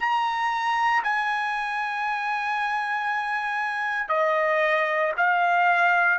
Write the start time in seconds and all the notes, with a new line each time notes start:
0.00 A#5
1.04 G#5
4.09 D#5
5.17 F5